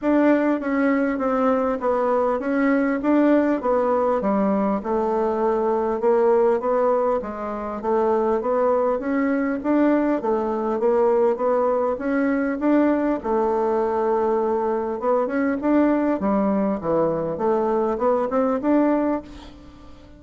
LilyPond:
\new Staff \with { instrumentName = "bassoon" } { \time 4/4 \tempo 4 = 100 d'4 cis'4 c'4 b4 | cis'4 d'4 b4 g4 | a2 ais4 b4 | gis4 a4 b4 cis'4 |
d'4 a4 ais4 b4 | cis'4 d'4 a2~ | a4 b8 cis'8 d'4 g4 | e4 a4 b8 c'8 d'4 | }